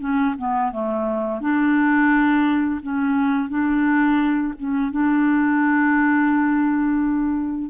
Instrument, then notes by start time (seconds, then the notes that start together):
clarinet
0.00 C#4
0.38 B3
0.72 A3
1.41 D4
2.83 C#4
3.49 D4
4.59 C#4
4.92 D4